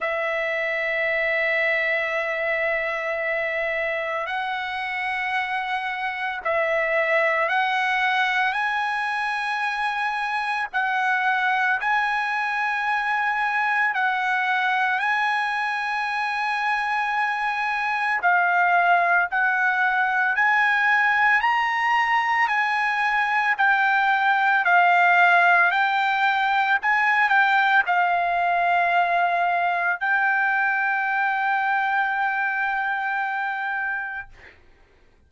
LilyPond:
\new Staff \with { instrumentName = "trumpet" } { \time 4/4 \tempo 4 = 56 e''1 | fis''2 e''4 fis''4 | gis''2 fis''4 gis''4~ | gis''4 fis''4 gis''2~ |
gis''4 f''4 fis''4 gis''4 | ais''4 gis''4 g''4 f''4 | g''4 gis''8 g''8 f''2 | g''1 | }